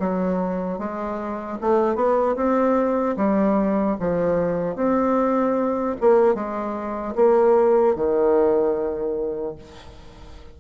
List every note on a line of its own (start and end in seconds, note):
0.00 0.79 F#3
0.79 1.59 G#3
1.61 1.96 A3
1.96 2.36 B3
2.36 3.16 C4
3.17 3.97 G3
4.00 4.76 F3
4.76 5.96 C4
6.01 6.35 A#3
6.35 7.15 G#3
7.16 7.96 A#3
7.96 9.56 D#3